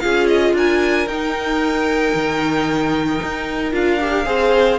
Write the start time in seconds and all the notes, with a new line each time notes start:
0.00 C#4 F4 G#4 F5
0.28 D#5
0.53 D4 A#4 G#5
1.06 D#4 G5
2.14 D#3
3.22 D#4
3.72 D4 F4 F5
4.01 G4
4.25 C4 G#4 C5